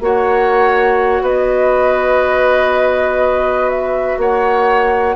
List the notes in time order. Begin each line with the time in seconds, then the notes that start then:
0.00 A#3 F#4 C#5 F#5
1.21 B3 B4 D#5
3.70 E5
4.17 A#3 C#5 F#5